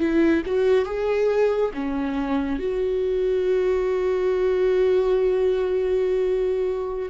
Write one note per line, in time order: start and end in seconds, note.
0.00 0.43 E4
0.46 0.86 F#4
0.86 1.71 G#4
1.75 2.59 C#4
2.59 7.09 F#4